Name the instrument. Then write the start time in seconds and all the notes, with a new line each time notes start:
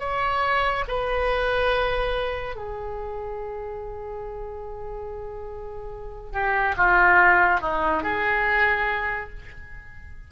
oboe
0.00 C#5
0.88 B4
2.56 G#4
6.33 G4
6.77 F4
7.61 D#4
8.03 G#4